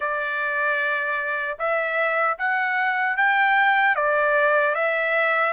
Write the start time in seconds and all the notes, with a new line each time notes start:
0.00 D5
1.58 E5
2.38 F#5
3.16 G5
3.95 D5
4.74 E5